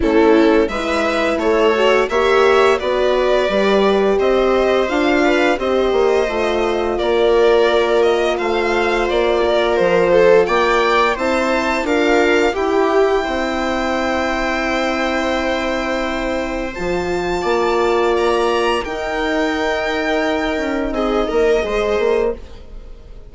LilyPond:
<<
  \new Staff \with { instrumentName = "violin" } { \time 4/4 \tempo 4 = 86 a'4 e''4 cis''4 e''4 | d''2 dis''4 f''4 | dis''2 d''4. dis''8 | f''4 d''4 c''4 g''4 |
a''4 f''4 g''2~ | g''1 | a''2 ais''4 g''4~ | g''2 dis''2 | }
  \new Staff \with { instrumentName = "viola" } { \time 4/4 e'4 b'4 a'4 cis''4 | b'2 c''4. b'8 | c''2 ais'2 | c''4. ais'4 a'8 d''4 |
c''4 ais'4 g'4 c''4~ | c''1~ | c''4 d''2 ais'4~ | ais'2 gis'8 ais'8 c''4 | }
  \new Staff \with { instrumentName = "horn" } { \time 4/4 cis'4 e'4. fis'8 g'4 | fis'4 g'2 f'4 | g'4 f'2.~ | f'1 |
e'4 f'4 e'2~ | e'1 | f'2. dis'4~ | dis'2. gis'4 | }
  \new Staff \with { instrumentName = "bassoon" } { \time 4/4 a4 gis4 a4 ais4 | b4 g4 c'4 d'4 | c'8 ais8 a4 ais2 | a4 ais4 f4 ais4 |
c'4 d'4 e'4 c'4~ | c'1 | f4 ais2 dis'4~ | dis'4. cis'8 c'8 ais8 gis8 ais8 | }
>>